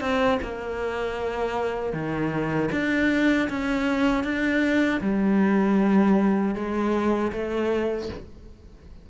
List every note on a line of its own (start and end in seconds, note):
0.00 0.38 C4
0.42 1.93 A#3
1.93 2.70 D#3
2.72 3.49 D4
3.49 4.23 C#4
4.23 5.00 D4
5.01 6.55 G3
6.55 7.32 G#3
7.32 8.09 A3